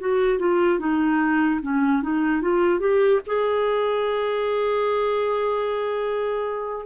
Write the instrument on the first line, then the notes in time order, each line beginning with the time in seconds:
clarinet
0.00 F#4
0.39 F4
0.80 D#4
1.62 C#4
2.03 D#4
2.42 F4
2.80 G4
3.27 G#4